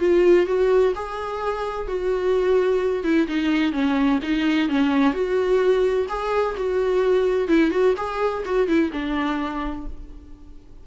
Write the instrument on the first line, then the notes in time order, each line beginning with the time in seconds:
viola
0.00 F4
0.47 F#4
0.95 G#4
1.88 F#4
3.04 E4
3.28 D#4
3.73 C#4
4.23 D#4
4.69 C#4
5.14 F#4
6.09 G#4
6.57 F#4
7.49 E4
7.71 F#4
7.97 G#4
8.45 F#4
8.68 E4
8.93 D4